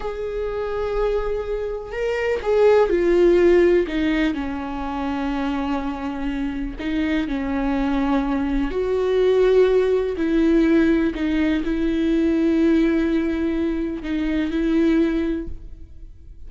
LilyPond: \new Staff \with { instrumentName = "viola" } { \time 4/4 \tempo 4 = 124 gis'1 | ais'4 gis'4 f'2 | dis'4 cis'2.~ | cis'2 dis'4 cis'4~ |
cis'2 fis'2~ | fis'4 e'2 dis'4 | e'1~ | e'4 dis'4 e'2 | }